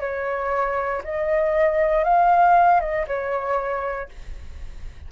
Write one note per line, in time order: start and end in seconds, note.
0.00 1.02 C#5
1.04 2.04 D#5
2.04 2.80 F5
2.80 3.06 D#5
3.07 4.09 C#5